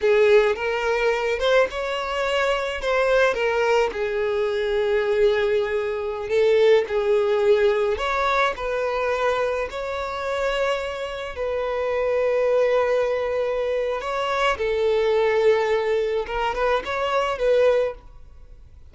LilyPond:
\new Staff \with { instrumentName = "violin" } { \time 4/4 \tempo 4 = 107 gis'4 ais'4. c''8 cis''4~ | cis''4 c''4 ais'4 gis'4~ | gis'2.~ gis'16 a'8.~ | a'16 gis'2 cis''4 b'8.~ |
b'4~ b'16 cis''2~ cis''8.~ | cis''16 b'2.~ b'8.~ | b'4 cis''4 a'2~ | a'4 ais'8 b'8 cis''4 b'4 | }